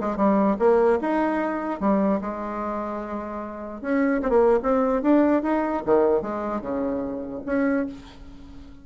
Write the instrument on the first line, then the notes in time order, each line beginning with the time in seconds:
bassoon
0.00 G#3
0.16 G3
0.59 A#3
1.01 D#4
1.80 G3
2.21 G#3
3.81 C#4
4.23 C4
4.30 A#3
4.63 C4
5.02 D4
5.43 D#4
5.86 D#3
6.22 G#3
6.61 C#3
7.46 C#4